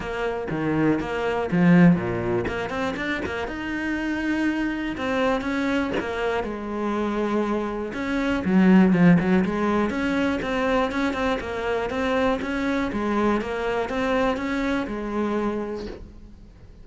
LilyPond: \new Staff \with { instrumentName = "cello" } { \time 4/4 \tempo 4 = 121 ais4 dis4 ais4 f4 | ais,4 ais8 c'8 d'8 ais8 dis'4~ | dis'2 c'4 cis'4 | ais4 gis2. |
cis'4 fis4 f8 fis8 gis4 | cis'4 c'4 cis'8 c'8 ais4 | c'4 cis'4 gis4 ais4 | c'4 cis'4 gis2 | }